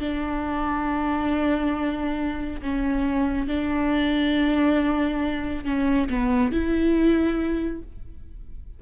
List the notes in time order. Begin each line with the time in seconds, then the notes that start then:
0.00 D4
2.62 C#4
3.48 D4
5.65 C#4
6.09 B3
6.52 E4